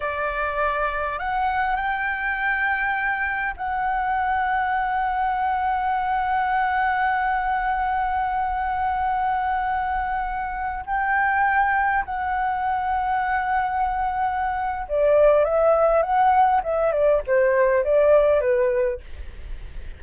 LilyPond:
\new Staff \with { instrumentName = "flute" } { \time 4/4 \tempo 4 = 101 d''2 fis''4 g''4~ | g''2 fis''2~ | fis''1~ | fis''1~ |
fis''2~ fis''16 g''4.~ g''16~ | g''16 fis''2.~ fis''8.~ | fis''4 d''4 e''4 fis''4 | e''8 d''8 c''4 d''4 b'4 | }